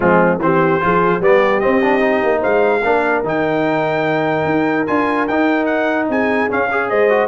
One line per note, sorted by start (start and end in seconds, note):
0.00 0.39 F3
0.00 0.40 G#3
0.00 0.40 C4
0.00 0.39 F4
0.39 0.79 E3
0.39 0.80 C4
0.39 0.83 G4
0.39 1.22 C5
0.80 1.20 F3
0.80 1.20 F4
0.80 1.20 G#4
1.20 1.60 G3
1.20 1.61 B3
1.20 2.40 G4
1.20 1.60 D5
1.60 1.81 C4
1.60 2.23 C4
1.60 2.41 D#5
1.82 2.00 D4
2.00 2.81 D#4
2.23 2.43 A#3
2.40 2.83 G#3
2.40 2.80 C5
2.40 3.23 F5
2.83 3.23 A#3
2.83 3.24 D4
2.83 6.10 A#4
3.23 4.44 D#3
3.23 4.86 D#4
3.23 4.86 G5
4.44 4.85 D#4
4.86 5.28 D4
4.86 5.27 F4
4.86 5.27 G#5
5.27 6.09 D#4
5.27 6.49 D#4
5.27 5.65 G5
5.65 6.06 F#5
6.09 6.49 C4
6.09 6.68 G#4
6.09 6.51 G#5
6.49 6.69 C#4
6.49 6.91 C#4
6.49 6.89 F5
6.68 7.09 G#4
6.68 6.88 C#5
6.89 7.28 G#3
6.89 7.28 C5
6.89 7.28 D#5
7.09 7.28 F#4